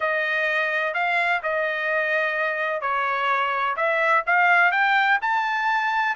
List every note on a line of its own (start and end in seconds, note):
0.00 0.94 D#5
0.94 1.41 F5
1.43 2.81 D#5
2.81 3.75 C#5
3.76 4.23 E5
4.26 4.71 F5
4.71 5.18 G5
5.21 6.15 A5